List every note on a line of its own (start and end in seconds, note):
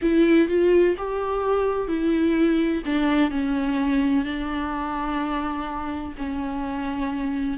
0.02 0.48 E4
0.48 0.95 F4
0.97 1.88 G4
1.88 2.82 E4
2.85 3.30 D4
3.30 4.25 C#4
4.25 6.14 D4
6.17 7.58 C#4